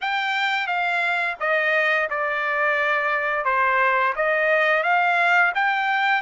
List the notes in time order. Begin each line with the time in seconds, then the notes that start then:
0.01 G5
0.67 F5
1.39 D#5
2.09 D5
3.44 C5
4.15 D#5
4.83 F5
5.54 G5